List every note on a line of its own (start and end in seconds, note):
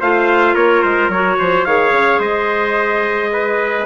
0.00 0.55 A3
0.00 1.13 F4
0.00 0.54 C5
0.00 0.56 F5
0.54 0.83 A#3
0.54 1.37 A#4
0.54 0.82 C#5
0.82 1.09 G#3
0.82 1.10 C5
1.09 1.37 F#3
1.09 1.66 F#4
1.09 1.65 C#5
1.39 1.66 F3
1.39 1.66 C5
1.65 1.92 D#3
1.65 3.86 G#4
1.65 2.19 C#5
1.65 2.20 F5
1.92 2.19 C#3
2.19 3.86 G#3
2.19 3.30 C5
2.19 3.86 D#5
3.33 3.86 B4